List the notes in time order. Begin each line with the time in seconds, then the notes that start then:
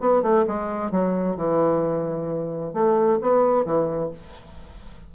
0.00 B3
0.22 A3
0.47 G#3
0.91 F#3
1.36 E3
2.74 A3
3.21 B3
3.65 E3